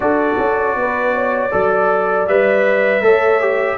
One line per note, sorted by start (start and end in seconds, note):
0.00 0.34 D4
0.00 1.51 F#4
0.00 0.77 A4
0.00 2.27 D5
0.38 0.75 C#4
0.75 1.51 B3
0.75 1.14 B4
1.14 1.51 C#5
1.51 2.27 F#3
1.51 2.27 A4
1.51 3.03 D5
2.27 3.01 G3
2.27 3.02 B4
2.27 3.78 E5
3.01 3.77 A3
3.01 3.40 A4
3.01 3.78 C#5
3.40 3.78 G4